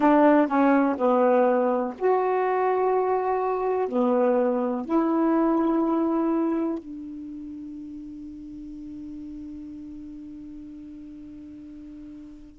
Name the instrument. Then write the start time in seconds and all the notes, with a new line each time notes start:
saxophone
0.00 D4
0.48 C#4
0.97 B3
1.98 F#4
3.88 B3
4.85 E4
6.78 D4